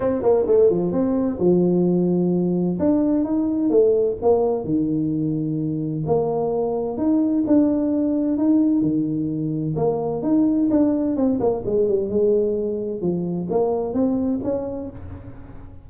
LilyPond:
\new Staff \with { instrumentName = "tuba" } { \time 4/4 \tempo 4 = 129 c'8 ais8 a8 f8 c'4 f4~ | f2 d'4 dis'4 | a4 ais4 dis2~ | dis4 ais2 dis'4 |
d'2 dis'4 dis4~ | dis4 ais4 dis'4 d'4 | c'8 ais8 gis8 g8 gis2 | f4 ais4 c'4 cis'4 | }